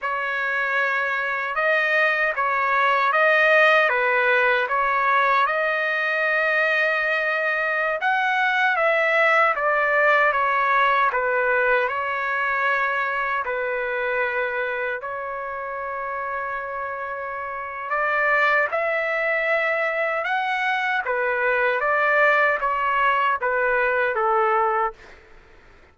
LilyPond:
\new Staff \with { instrumentName = "trumpet" } { \time 4/4 \tempo 4 = 77 cis''2 dis''4 cis''4 | dis''4 b'4 cis''4 dis''4~ | dis''2~ dis''16 fis''4 e''8.~ | e''16 d''4 cis''4 b'4 cis''8.~ |
cis''4~ cis''16 b'2 cis''8.~ | cis''2. d''4 | e''2 fis''4 b'4 | d''4 cis''4 b'4 a'4 | }